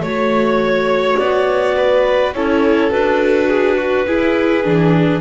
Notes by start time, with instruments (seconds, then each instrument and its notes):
0.00 double bass A3, viola F#4, violin C#5, clarinet C#5
1.17 double bass B3, clarinet D5
1.76 violin B4
2.33 double bass C#4, viola E4, violin A4, clarinet C#5
2.90 double bass D4, viola F#4, clarinet B4
3.48 violin G#4
3.77 violin F#4
4.07 viola E4, double bass E4, violin G#4
4.63 double bass E3, viola D4